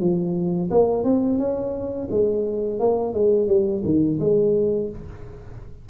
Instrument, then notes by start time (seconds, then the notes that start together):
tuba
0.00 F3
0.70 A#3
1.03 C4
1.38 C#4
2.11 G#3
2.79 A#3
3.13 G#3
3.47 G3
3.84 D#3
4.20 G#3